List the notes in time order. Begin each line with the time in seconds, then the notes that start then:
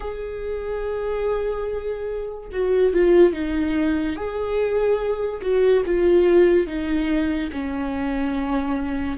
0.00 G#4
2.52 F#4
2.93 F4
3.33 D#4
4.16 G#4
5.41 F#4
5.85 F4
6.67 D#4
7.52 C#4